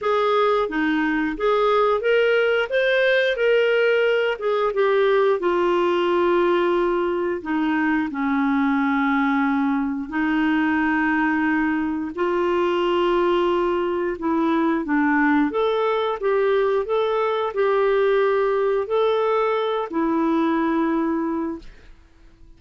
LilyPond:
\new Staff \with { instrumentName = "clarinet" } { \time 4/4 \tempo 4 = 89 gis'4 dis'4 gis'4 ais'4 | c''4 ais'4. gis'8 g'4 | f'2. dis'4 | cis'2. dis'4~ |
dis'2 f'2~ | f'4 e'4 d'4 a'4 | g'4 a'4 g'2 | a'4. e'2~ e'8 | }